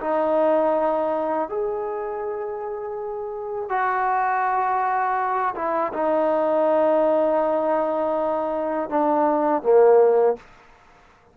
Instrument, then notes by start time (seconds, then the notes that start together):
trombone
0.00 D#4
1.48 G#4
3.69 F#4
5.55 E4
5.93 D#4
8.89 D4
9.62 A#3